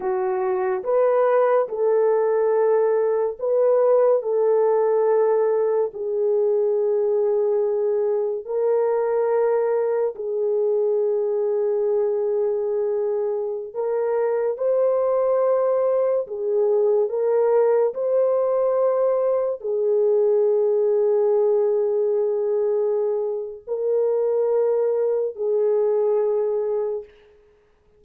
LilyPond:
\new Staff \with { instrumentName = "horn" } { \time 4/4 \tempo 4 = 71 fis'4 b'4 a'2 | b'4 a'2 gis'4~ | gis'2 ais'2 | gis'1~ |
gis'16 ais'4 c''2 gis'8.~ | gis'16 ais'4 c''2 gis'8.~ | gis'1 | ais'2 gis'2 | }